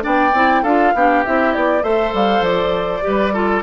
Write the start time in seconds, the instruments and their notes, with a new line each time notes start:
0.00 bassoon B3, clarinet D4, oboe D5, flute G5
0.33 bassoon C4, clarinet E4
0.62 bassoon D4, clarinet F4, oboe A4, flute F5
0.94 bassoon B3, clarinet D4, oboe G4
1.24 bassoon C4, clarinet E4, flute E5
1.53 bassoon B3, flute D5
1.82 bassoon A3, clarinet A4, oboe C5, flute E5
2.13 bassoon G3, flute F5
2.40 bassoon F3, flute D5
3.01 bassoon G3, clarinet G4, oboe B4
3.33 clarinet F4, oboe A4